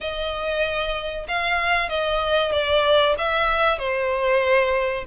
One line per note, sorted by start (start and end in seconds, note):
0.00 1.27 D#5
1.28 1.89 F5
1.89 2.52 D#5
2.52 3.15 D5
3.18 3.78 E5
3.78 5.04 C5